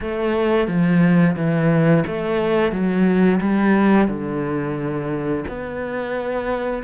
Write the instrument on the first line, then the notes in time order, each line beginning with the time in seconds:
cello
0.00 A3
0.67 F3
1.35 E3
2.06 A3
2.71 F#3
3.41 G3
4.08 D3
5.48 B3